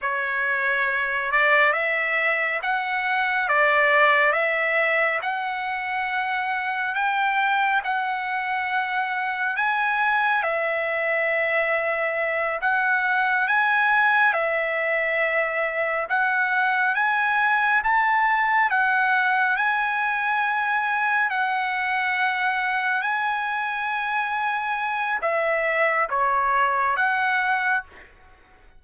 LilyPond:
\new Staff \with { instrumentName = "trumpet" } { \time 4/4 \tempo 4 = 69 cis''4. d''8 e''4 fis''4 | d''4 e''4 fis''2 | g''4 fis''2 gis''4 | e''2~ e''8 fis''4 gis''8~ |
gis''8 e''2 fis''4 gis''8~ | gis''8 a''4 fis''4 gis''4.~ | gis''8 fis''2 gis''4.~ | gis''4 e''4 cis''4 fis''4 | }